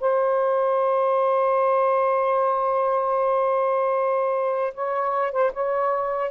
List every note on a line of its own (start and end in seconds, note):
0.00 4.74 C5
4.74 5.32 C#5
5.32 5.52 C5
5.53 6.31 C#5